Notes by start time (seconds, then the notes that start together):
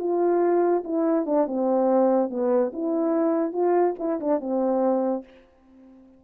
0.00 F4
0.85 E4
1.26 D4
1.47 C4
2.30 B3
2.73 E4
3.53 F4
3.99 E4
4.21 D4
4.41 C4